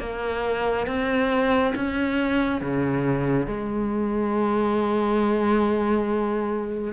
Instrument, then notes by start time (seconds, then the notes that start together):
cello
0.00 A#3
0.87 C4
1.75 C#4
2.62 C#3
3.47 G#3